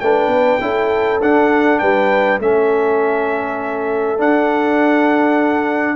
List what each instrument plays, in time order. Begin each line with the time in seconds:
0.00 tuba A3, trombone D4, horn B4, trumpet G5
0.27 tuba B3
0.60 tuba C#4, trombone E4, horn A4
1.22 tuba D4, trombone D4, trumpet F#5
1.79 tuba G3, horn B4, trumpet G5
2.39 tuba A3, trombone C#4, horn A4, trumpet E5
4.18 trombone D4, tuba D4, trumpet F#5